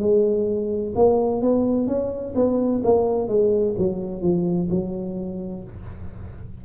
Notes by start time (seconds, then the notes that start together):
0.00 G#3
0.95 A#3
1.42 B3
1.87 C#4
2.36 B3
2.84 A#3
3.29 G#3
3.78 F#3
4.22 F3
4.70 F#3